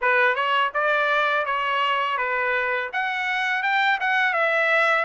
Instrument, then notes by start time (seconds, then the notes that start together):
trumpet
0.01 B4
0.35 C#5
0.74 D5
1.45 C#5
2.17 B4
2.92 F#5
3.62 G5
4.00 F#5
4.33 E5